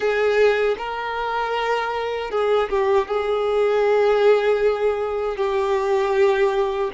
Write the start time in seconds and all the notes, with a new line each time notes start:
0.00 G#4
0.78 A#4
2.30 G#4
2.69 G4
3.07 G#4
5.36 G4